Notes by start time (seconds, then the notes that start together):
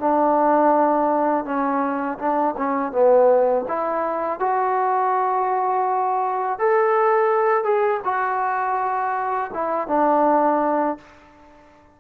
0.00 D4
1.45 C#4
2.19 D4
2.57 C#4
2.92 B3
3.69 E4
4.40 F#4
6.59 A4
7.64 G#4
8.05 F#4
9.54 E4
9.88 D4